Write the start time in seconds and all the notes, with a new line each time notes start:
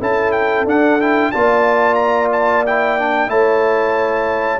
0.00 C#4 E4 A4 A5
0.32 G5
0.65 D4 F#5
1.01 E4 G5
1.32 A#3 F4 D5 A5
1.95 A#5
2.32 A5
2.66 E4 G5
2.99 D4
3.28 A3 E4 C#5 A5